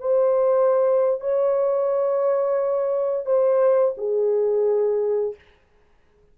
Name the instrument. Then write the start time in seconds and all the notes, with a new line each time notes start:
horn
0.00 C5
1.21 C#5
3.26 C5
3.97 G#4